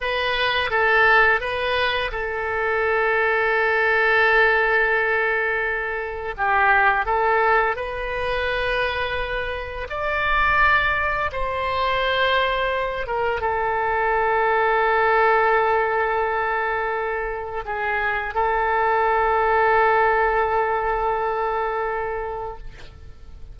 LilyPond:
\new Staff \with { instrumentName = "oboe" } { \time 4/4 \tempo 4 = 85 b'4 a'4 b'4 a'4~ | a'1~ | a'4 g'4 a'4 b'4~ | b'2 d''2 |
c''2~ c''8 ais'8 a'4~ | a'1~ | a'4 gis'4 a'2~ | a'1 | }